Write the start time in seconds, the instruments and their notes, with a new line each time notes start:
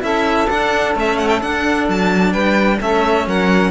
0.00 cello C#4 E4, saxophone A4, violin E5
0.49 cello D4, violin F#5
0.95 cello A3 C#4, violin E5
1.18 violin F#5
1.28 violin G5
1.40 cello D4, violin F#5
1.88 cello F#3, violin A5
2.32 cello G3, saxophone B4, violin G5
2.80 cello A3 C#4, saxophone A4, violin E5
3.26 cello F#3, saxophone A#4, violin F#5